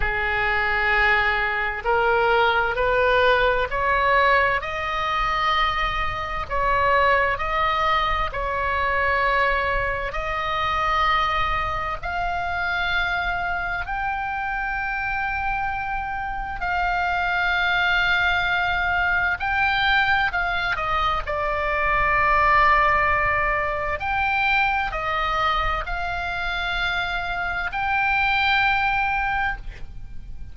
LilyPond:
\new Staff \with { instrumentName = "oboe" } { \time 4/4 \tempo 4 = 65 gis'2 ais'4 b'4 | cis''4 dis''2 cis''4 | dis''4 cis''2 dis''4~ | dis''4 f''2 g''4~ |
g''2 f''2~ | f''4 g''4 f''8 dis''8 d''4~ | d''2 g''4 dis''4 | f''2 g''2 | }